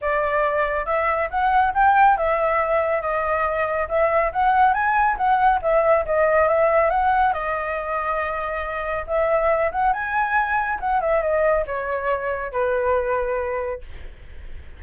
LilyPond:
\new Staff \with { instrumentName = "flute" } { \time 4/4 \tempo 4 = 139 d''2 e''4 fis''4 | g''4 e''2 dis''4~ | dis''4 e''4 fis''4 gis''4 | fis''4 e''4 dis''4 e''4 |
fis''4 dis''2.~ | dis''4 e''4. fis''8 gis''4~ | gis''4 fis''8 e''8 dis''4 cis''4~ | cis''4 b'2. | }